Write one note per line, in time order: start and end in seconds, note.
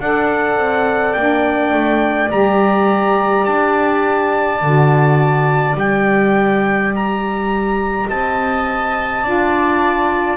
0.00 0.57 D4
0.00 1.17 A4
0.00 8.09 D5
0.00 1.13 F#5
0.57 1.15 C4
1.13 1.73 A#3
1.13 2.29 D4
1.13 2.29 G5
1.73 2.31 A3
2.29 3.46 G3
2.29 4.60 G4
2.29 3.45 A#5
3.45 4.62 D4
3.45 5.76 A5
4.62 5.75 D3
4.62 5.76 F#4
5.75 8.06 G3
5.75 9.23 G4
5.75 6.94 G5
6.95 8.10 A#5
8.09 9.24 C4
8.09 9.24 D#5
8.09 10.37 A5
9.23 10.37 D4
9.23 10.37 F4
9.23 10.37 D5